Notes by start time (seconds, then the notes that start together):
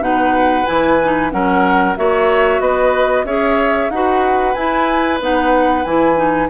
0.00 B2 D#4 B4 F#5
0.66 E3 E4 G#5
1.04 D#4
1.31 F#3 C#4 A#4 F#5
1.96 A#3 F#4 C#5 E5
2.59 B3 B4 D#5
3.24 C#4 G#4 C#5 E5
3.90 D#4 F#4 B4 F#5
4.54 E4 G#5
5.20 B3 D#4 F#5
5.84 E3 E4 G#5
6.16 D#4